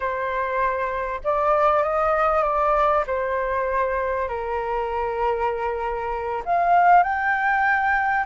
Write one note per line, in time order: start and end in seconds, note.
0.00 1.21 C5
1.24 1.83 D5
1.83 2.43 D#5
2.43 3.04 D5
3.06 4.28 C5
4.28 6.42 A#4
6.45 7.03 F5
7.03 8.25 G5